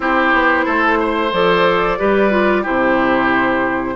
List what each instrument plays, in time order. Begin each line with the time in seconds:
0.00 bassoon C4, clarinet E4, oboe G4, flute C5
0.32 bassoon B3
0.65 bassoon A3, oboe A4
0.99 oboe C5
1.32 bassoon F3, clarinet A4, flute D5
1.98 bassoon G3, clarinet G4, oboe B4
2.30 clarinet F4
2.62 bassoon C3, clarinet E4, oboe G4, flute C5